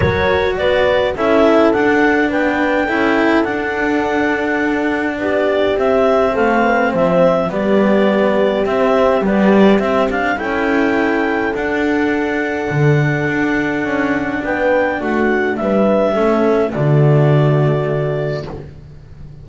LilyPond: <<
  \new Staff \with { instrumentName = "clarinet" } { \time 4/4 \tempo 4 = 104 cis''4 d''4 e''4 fis''4 | g''2 fis''2~ | fis''4 d''4 e''4 f''4 | e''4 d''2 e''4 |
d''4 e''8 f''8 g''2 | fis''1~ | fis''4 g''4 fis''4 e''4~ | e''4 d''2. | }
  \new Staff \with { instrumentName = "horn" } { \time 4/4 ais'4 b'4 a'2 | b'4 a'2.~ | a'4 g'2 a'8 b'8 | c''4 g'2.~ |
g'2 a'2~ | a'1~ | a'4 b'4 fis'4 b'4 | a'4 fis'2. | }
  \new Staff \with { instrumentName = "cello" } { \time 4/4 fis'2 e'4 d'4~ | d'4 e'4 d'2~ | d'2 c'2~ | c'4 b2 c'4 |
g4 c'8 d'8 e'2 | d'1~ | d'1 | cis'4 a2. | }
  \new Staff \with { instrumentName = "double bass" } { \time 4/4 fis4 b4 cis'4 d'4 | b4 cis'4 d'2~ | d'4 b4 c'4 a4 | f4 g2 c'4 |
b4 c'4 cis'2 | d'2 d4 d'4 | cis'4 b4 a4 g4 | a4 d2. | }
>>